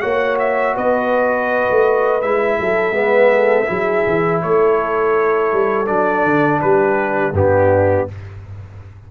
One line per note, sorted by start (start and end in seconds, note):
0.00 0.76 A#3
0.00 2.21 F#4
0.00 0.74 C#5
0.00 0.37 F#5
0.39 0.75 E5
0.75 1.68 B3
0.75 2.58 B4
0.75 2.21 D#5
1.70 2.23 A3
2.21 2.59 G#3
2.21 2.92 E4
2.21 4.41 E5
2.59 2.91 F#3
2.59 2.96 A4
2.91 3.64 G#3
2.91 3.66 B3
2.91 3.33 B4
3.33 3.68 A4
3.66 4.05 F#3
3.66 5.86 E4
3.66 4.42 G#4
4.06 4.43 E3
4.42 5.52 A3
4.42 6.62 A4
4.42 5.87 C#5
5.52 5.89 G3
5.87 6.24 F#3
5.87 7.33 D4
5.87 6.60 D5
6.24 6.61 D3
6.61 7.32 G3
6.61 7.35 G4
6.61 7.34 B4
7.32 8.05 G2
7.32 8.08 B3
7.32 8.11 D4
7.32 8.09 G4